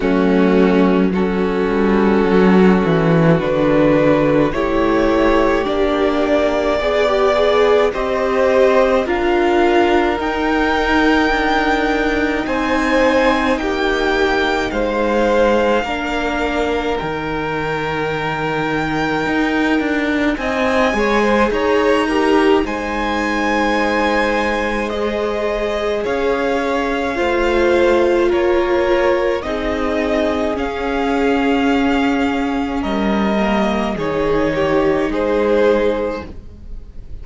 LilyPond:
<<
  \new Staff \with { instrumentName = "violin" } { \time 4/4 \tempo 4 = 53 fis'4 a'2 b'4 | cis''4 d''2 dis''4 | f''4 g''2 gis''4 | g''4 f''2 g''4~ |
g''2 gis''4 ais''4 | gis''2 dis''4 f''4~ | f''4 cis''4 dis''4 f''4~ | f''4 dis''4 cis''4 c''4 | }
  \new Staff \with { instrumentName = "violin" } { \time 4/4 cis'4 fis'2. | g'2 d''4 c''4 | ais'2. c''4 | g'4 c''4 ais'2~ |
ais'2 dis''8 cis''16 c''16 cis''8 ais'8 | c''2. cis''4 | c''4 ais'4 gis'2~ | gis'4 ais'4 gis'8 g'8 gis'4 | }
  \new Staff \with { instrumentName = "viola" } { \time 4/4 a4 cis'2 d'4 | e'4 d'4 gis'16 g'16 gis'8 g'4 | f'4 dis'2.~ | dis'2 d'4 dis'4~ |
dis'2~ dis'8 gis'4 g'8 | dis'2 gis'2 | f'2 dis'4 cis'4~ | cis'4. ais8 dis'2 | }
  \new Staff \with { instrumentName = "cello" } { \time 4/4 fis4. g8 fis8 e8 d4 | a4 ais4 b4 c'4 | d'4 dis'4 d'4 c'4 | ais4 gis4 ais4 dis4~ |
dis4 dis'8 d'8 c'8 gis8 dis'4 | gis2. cis'4 | a4 ais4 c'4 cis'4~ | cis'4 g4 dis4 gis4 | }
>>